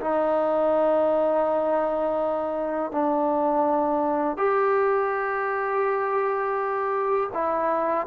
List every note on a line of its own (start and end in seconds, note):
0.00 2.91 D#4
2.91 4.37 D4
4.37 7.30 G4
7.33 8.07 E4